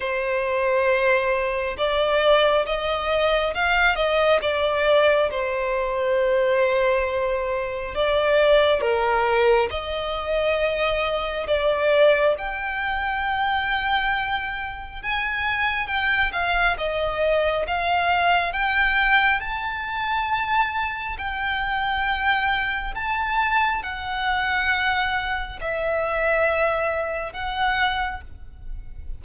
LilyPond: \new Staff \with { instrumentName = "violin" } { \time 4/4 \tempo 4 = 68 c''2 d''4 dis''4 | f''8 dis''8 d''4 c''2~ | c''4 d''4 ais'4 dis''4~ | dis''4 d''4 g''2~ |
g''4 gis''4 g''8 f''8 dis''4 | f''4 g''4 a''2 | g''2 a''4 fis''4~ | fis''4 e''2 fis''4 | }